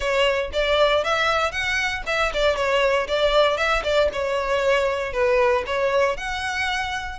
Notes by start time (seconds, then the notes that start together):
0.00 C#5
0.52 D5
1.03 E5
1.51 F#5
2.06 E5
2.33 D5
2.55 C#5
3.07 D5
3.57 E5
3.83 D5
4.12 C#5
5.12 B4
5.66 C#5
6.16 F#5